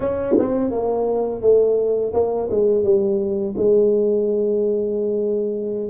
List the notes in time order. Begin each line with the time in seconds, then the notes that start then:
0.00 C#4
0.38 C4
0.70 A#3
1.41 A3
2.13 A#3
2.50 G#3
2.83 G3
3.57 G#3